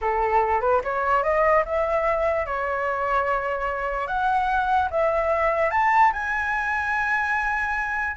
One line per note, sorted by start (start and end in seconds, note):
0.01 0.60 A4
0.60 0.81 B4
0.83 1.23 C#5
1.23 1.64 D#5
1.65 2.45 E5
2.45 4.07 C#5
4.07 4.88 F#5
4.90 5.71 E5
5.71 6.11 A5
6.12 8.16 G#5